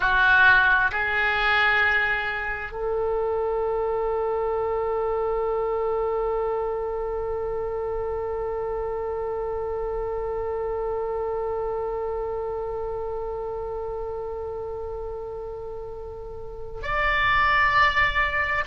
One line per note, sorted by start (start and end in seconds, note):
0.00 0.91 F#4
0.91 2.71 G#4
2.71 16.81 A4
16.82 18.64 D5